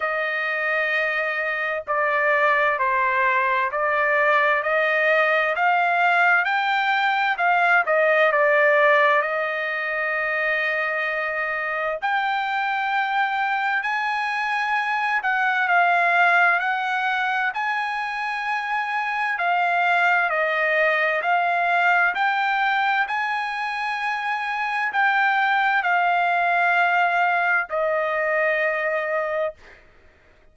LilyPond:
\new Staff \with { instrumentName = "trumpet" } { \time 4/4 \tempo 4 = 65 dis''2 d''4 c''4 | d''4 dis''4 f''4 g''4 | f''8 dis''8 d''4 dis''2~ | dis''4 g''2 gis''4~ |
gis''8 fis''8 f''4 fis''4 gis''4~ | gis''4 f''4 dis''4 f''4 | g''4 gis''2 g''4 | f''2 dis''2 | }